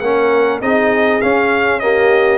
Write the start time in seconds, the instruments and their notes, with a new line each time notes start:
0.00 tuba A#3, trombone C#4, trumpet F#5
0.06 horn A#4
0.61 tuba C4, trombone D#4, horn G#4, trumpet D#5
1.21 trombone C#4, tuba C#4, trumpet F5
1.80 trombone A#3, horn G4, trumpet D#5